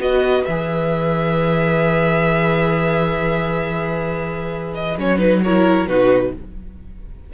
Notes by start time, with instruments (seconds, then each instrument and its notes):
0.00 cello B3, viola F#4, violin B4 D#5
0.45 cello E3, viola G#4, violin E5
4.75 violin D#5
4.97 cello F#3, viola C#4, violin C#5
5.18 viola D#4, violin B4
5.44 viola E4, violin A#4 C#5
5.87 cello B2, viola D#4, violin F#4 B4